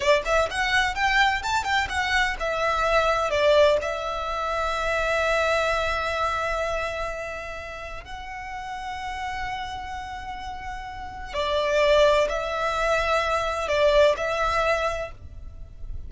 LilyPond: \new Staff \with { instrumentName = "violin" } { \time 4/4 \tempo 4 = 127 d''8 e''8 fis''4 g''4 a''8 g''8 | fis''4 e''2 d''4 | e''1~ | e''1~ |
e''4 fis''2.~ | fis''1 | d''2 e''2~ | e''4 d''4 e''2 | }